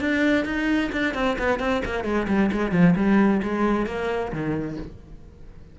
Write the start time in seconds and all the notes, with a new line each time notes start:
0.00 D4
0.45 D#4
0.92 D4
1.14 C4
1.38 B3
1.60 C4
1.85 A#3
2.04 G#3
2.28 G3
2.52 G#3
2.72 F3
2.96 G3
3.42 G#3
3.86 A#3
4.32 D#3